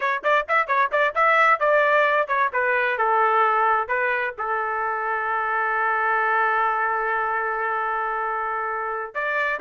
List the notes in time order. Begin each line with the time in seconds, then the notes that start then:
0.00 C#5
0.23 D5
0.48 E5
0.67 C#5
0.91 D5
1.15 E5
1.59 D5
2.27 C#5
2.53 B4
2.98 A4
3.88 B4
4.38 A4
9.14 D5